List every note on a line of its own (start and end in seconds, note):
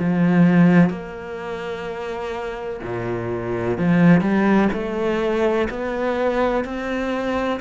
0.00 0.90 F3
0.90 2.81 A#3
2.83 3.78 A#2
3.78 4.22 F3
4.22 4.69 G3
4.74 5.69 A3
5.71 6.65 B3
6.65 7.60 C4